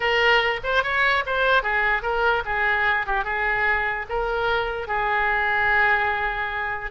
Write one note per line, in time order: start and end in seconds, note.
0.00 0.60 A#4
0.63 0.83 C5
0.83 1.24 C#5
1.26 1.62 C5
1.62 2.02 G#4
2.02 2.43 A#4
2.45 3.06 G#4
3.06 3.24 G4
3.24 4.05 G#4
4.09 4.87 A#4
4.87 6.91 G#4